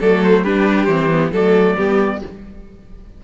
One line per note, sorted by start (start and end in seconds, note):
0.00 0.44 F#3
0.00 0.45 A3
0.00 0.43 A4
0.00 0.24 D5
0.24 0.45 C5
0.43 0.87 G3
0.43 0.89 D4
0.43 1.31 G4
0.43 0.86 B4
0.86 1.32 E3
0.86 1.11 C4
0.86 1.30 C5
1.11 1.33 B3
1.32 1.77 F#3
1.32 1.78 A3
1.32 1.76 A4
1.32 2.24 D5
1.77 2.22 G3
1.77 2.22 B3
1.77 2.21 G4